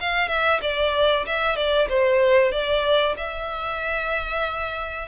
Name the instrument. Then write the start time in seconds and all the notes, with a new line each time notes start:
violin
0.00 F5
0.28 E5
0.62 D5
1.26 E5
1.56 D5
1.89 C5
2.52 D5
3.17 E5